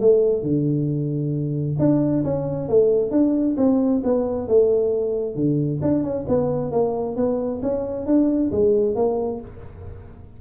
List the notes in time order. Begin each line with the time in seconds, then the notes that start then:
0.00 A3
0.42 D3
1.79 D4
2.24 C#4
2.69 A3
3.11 D4
3.57 C4
4.04 B3
4.48 A3
5.35 D3
5.82 D4
6.03 C#4
6.28 B3
6.71 A#3
7.16 B3
7.62 C#4
8.06 D4
8.51 G#3
8.95 A#3